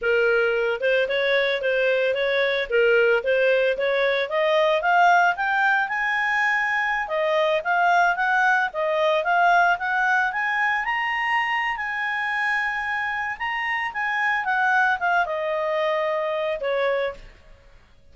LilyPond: \new Staff \with { instrumentName = "clarinet" } { \time 4/4 \tempo 4 = 112 ais'4. c''8 cis''4 c''4 | cis''4 ais'4 c''4 cis''4 | dis''4 f''4 g''4 gis''4~ | gis''4~ gis''16 dis''4 f''4 fis''8.~ |
fis''16 dis''4 f''4 fis''4 gis''8.~ | gis''16 ais''4.~ ais''16 gis''2~ | gis''4 ais''4 gis''4 fis''4 | f''8 dis''2~ dis''8 cis''4 | }